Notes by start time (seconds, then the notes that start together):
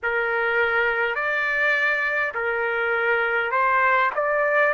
0.03 A#4
1.15 D5
2.34 A#4
3.51 C5
4.15 D5